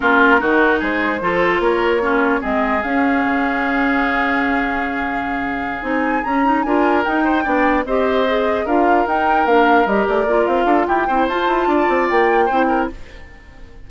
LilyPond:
<<
  \new Staff \with { instrumentName = "flute" } { \time 4/4 \tempo 4 = 149 ais'2 c''2 | cis''2 dis''4 f''4~ | f''1~ | f''2~ f''8 gis''4 ais''8~ |
ais''8 gis''4 g''2 dis''8~ | dis''4. f''4 g''4 f''8~ | f''8 dis''8 d''4 f''4 g''4 | a''2 g''2 | }
  \new Staff \with { instrumentName = "oboe" } { \time 4/4 f'4 fis'4 gis'4 a'4 | ais'4 f'4 gis'2~ | gis'1~ | gis'1~ |
gis'8 ais'4. c''8 d''4 c''8~ | c''4. ais'2~ ais'8~ | ais'2~ ais'8 a'8 g'8 c''8~ | c''4 d''2 c''8 ais'8 | }
  \new Staff \with { instrumentName = "clarinet" } { \time 4/4 cis'4 dis'2 f'4~ | f'4 cis'4 c'4 cis'4~ | cis'1~ | cis'2~ cis'8 dis'4 cis'8 |
dis'8 f'4 dis'4 d'4 g'8~ | g'8 gis'4 f'4 dis'4 d'8~ | d'8 g'4 f'2 e'8 | f'2. e'4 | }
  \new Staff \with { instrumentName = "bassoon" } { \time 4/4 ais4 dis4 gis4 f4 | ais2 gis4 cis'4 | cis1~ | cis2~ cis8 c'4 cis'8~ |
cis'8 d'4 dis'4 b4 c'8~ | c'4. d'4 dis'4 ais8~ | ais8 g8 a8 ais8 c'8 d'8 e'8 c'8 | f'8 e'8 d'8 c'8 ais4 c'4 | }
>>